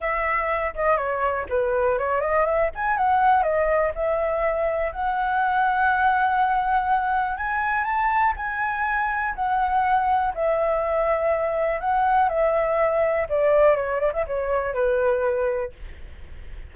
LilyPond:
\new Staff \with { instrumentName = "flute" } { \time 4/4 \tempo 4 = 122 e''4. dis''8 cis''4 b'4 | cis''8 dis''8 e''8 gis''8 fis''4 dis''4 | e''2 fis''2~ | fis''2. gis''4 |
a''4 gis''2 fis''4~ | fis''4 e''2. | fis''4 e''2 d''4 | cis''8 d''16 e''16 cis''4 b'2 | }